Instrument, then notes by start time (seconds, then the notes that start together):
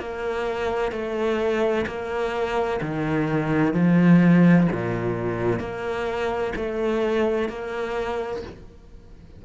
cello
0.00 A#3
0.92 A3
1.87 A#3
2.81 D#3
3.74 F3
4.73 A#2
5.60 A#3
6.56 A3
7.49 A#3